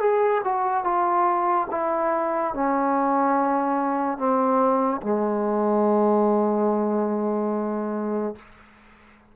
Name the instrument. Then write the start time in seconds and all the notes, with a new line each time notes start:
trombone
0.00 G#4
0.44 F#4
0.84 F4
1.71 E4
2.54 C#4
4.18 C4
5.02 G#3